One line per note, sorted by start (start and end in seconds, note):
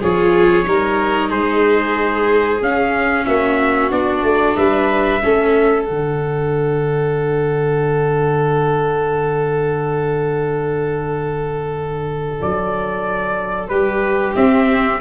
0.00 0.66 F3
0.00 0.64 F4
0.00 0.65 G#4
0.00 1.30 C#5
0.64 1.31 G3
0.64 2.60 D#4
0.64 1.29 A#4
1.29 2.61 G#3
1.29 3.25 G#4
1.29 2.61 C5
2.61 3.26 C#4
2.61 3.91 C#4
2.61 3.25 F5
3.25 3.91 A#3
3.25 4.57 F#4
3.25 3.90 E5
3.91 4.23 B3
3.91 5.22 D4
3.91 4.56 D5
4.23 4.56 A3
4.56 5.21 G3
4.56 5.22 B4
4.56 5.84 E5
5.22 5.89 A3
5.22 5.86 C#4
5.22 13.70 A4
5.84 12.41 D3
5.84 14.33 D4
5.84 12.37 F#5
12.41 13.69 F#3
12.41 13.68 D5
13.68 14.34 G3
13.68 15.00 G4
13.68 14.33 B4
14.35 15.00 C4
14.35 15.00 E5